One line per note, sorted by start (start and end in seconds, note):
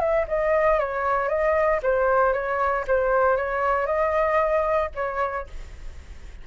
0.00 0.26 E5
0.28 0.79 D#5
0.79 1.28 C#5
1.28 1.80 D#5
1.82 2.33 C5
2.33 2.84 C#5
2.88 3.37 C5
3.37 3.86 C#5
3.86 4.90 D#5
4.95 5.47 C#5